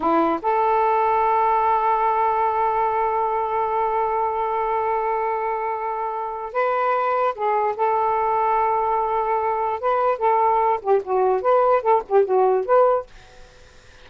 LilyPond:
\new Staff \with { instrumentName = "saxophone" } { \time 4/4 \tempo 4 = 147 e'4 a'2.~ | a'1~ | a'1~ | a'1 |
b'2 gis'4 a'4~ | a'1 | b'4 a'4. g'8 fis'4 | b'4 a'8 g'8 fis'4 b'4 | }